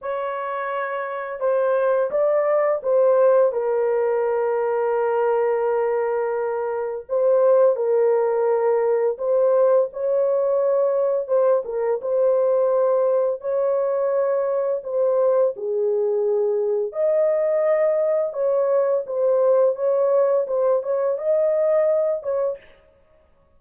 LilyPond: \new Staff \with { instrumentName = "horn" } { \time 4/4 \tempo 4 = 85 cis''2 c''4 d''4 | c''4 ais'2.~ | ais'2 c''4 ais'4~ | ais'4 c''4 cis''2 |
c''8 ais'8 c''2 cis''4~ | cis''4 c''4 gis'2 | dis''2 cis''4 c''4 | cis''4 c''8 cis''8 dis''4. cis''8 | }